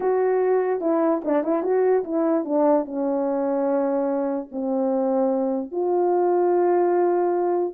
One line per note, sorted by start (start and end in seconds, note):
0.00 0.81 F#4
0.81 1.21 E4
1.24 1.43 D4
1.43 1.62 E4
1.62 2.03 F#4
2.04 2.44 E4
2.44 2.85 D4
2.85 4.48 C#4
4.51 5.71 C4
5.71 7.73 F4